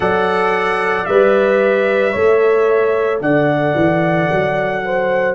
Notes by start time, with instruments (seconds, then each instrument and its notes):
0.00 tuba F#3, trombone A4, horn D5, trumpet F#5
1.05 tuba G3, trombone B4, trumpet E5
2.12 tuba A3, trombone A4, horn C#5
3.20 tuba D3, horn D5, trumpet F#5
3.75 tuba E3
4.30 tuba F#3
4.85 horn C5